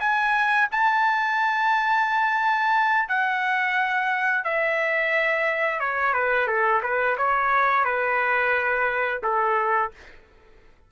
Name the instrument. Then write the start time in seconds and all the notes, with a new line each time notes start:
trumpet
0.00 G#5
0.72 A5
3.09 F#5
4.44 E5
5.80 C#5
6.13 B4
6.47 A4
6.83 B4
7.17 C#5
7.85 B4
9.23 A4